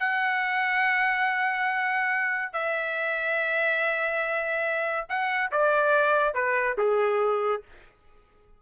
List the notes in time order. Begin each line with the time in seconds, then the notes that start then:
0.00 F#5
2.54 E5
5.09 F#5
5.52 D5
6.35 B4
6.78 G#4